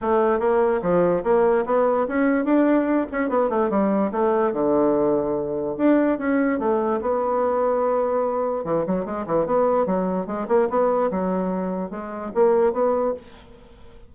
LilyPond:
\new Staff \with { instrumentName = "bassoon" } { \time 4/4 \tempo 4 = 146 a4 ais4 f4 ais4 | b4 cis'4 d'4. cis'8 | b8 a8 g4 a4 d4~ | d2 d'4 cis'4 |
a4 b2.~ | b4 e8 fis8 gis8 e8 b4 | fis4 gis8 ais8 b4 fis4~ | fis4 gis4 ais4 b4 | }